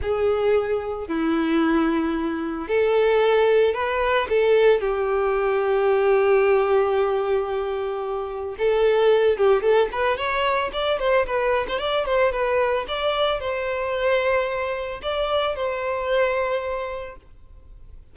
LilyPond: \new Staff \with { instrumentName = "violin" } { \time 4/4 \tempo 4 = 112 gis'2 e'2~ | e'4 a'2 b'4 | a'4 g'2.~ | g'1 |
a'4. g'8 a'8 b'8 cis''4 | d''8 c''8 b'8. c''16 d''8 c''8 b'4 | d''4 c''2. | d''4 c''2. | }